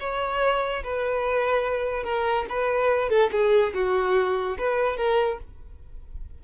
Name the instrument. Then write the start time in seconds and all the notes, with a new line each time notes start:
violin
0.00 C#5
0.84 B4
2.04 A#4
2.49 B4
3.10 A4
3.32 G#4
3.74 F#4
4.58 B4
4.97 A#4